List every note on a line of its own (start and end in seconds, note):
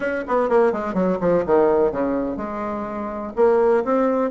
0.00 0.24 C#4
0.27 0.49 B3
0.49 0.72 A#3
0.72 0.94 G#3
0.94 1.18 F#3
1.20 1.44 F3
1.45 1.91 D#3
1.91 2.37 C#3
2.37 3.33 G#3
3.36 3.84 A#3
3.84 4.30 C4